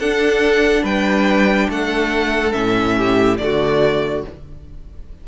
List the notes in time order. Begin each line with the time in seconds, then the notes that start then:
0.00 D4 A4 F#5
0.83 G3 B4 G5
1.69 A3 A4 F#5
2.53 A2 C#4 E5
2.97 G4
3.38 D3 A3 F#4 D5